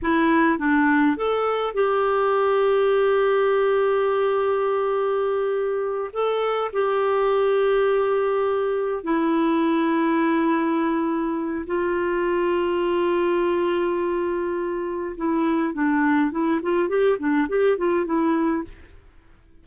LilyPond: \new Staff \with { instrumentName = "clarinet" } { \time 4/4 \tempo 4 = 103 e'4 d'4 a'4 g'4~ | g'1~ | g'2~ g'8 a'4 g'8~ | g'2.~ g'8 e'8~ |
e'1 | f'1~ | f'2 e'4 d'4 | e'8 f'8 g'8 d'8 g'8 f'8 e'4 | }